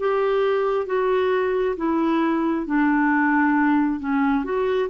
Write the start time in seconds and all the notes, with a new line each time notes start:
0.00 G4
0.87 F#4
1.77 E4
2.67 D4
4.01 C#4
4.45 F#4